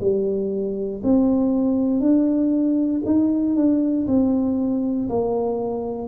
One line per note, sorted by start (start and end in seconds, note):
0.00 1.02 G3
1.03 2.00 C4
2.00 3.02 D4
3.05 3.55 D#4
3.55 4.06 D4
4.07 5.08 C4
5.09 6.07 A#3